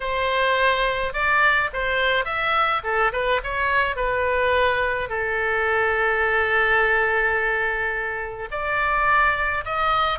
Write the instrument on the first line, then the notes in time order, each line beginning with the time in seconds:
oboe
0.00 C5
1.13 D5
1.73 C5
2.25 E5
2.83 A4
3.12 B4
3.43 C#5
3.95 B4
5.09 A4
8.51 D5
9.64 D#5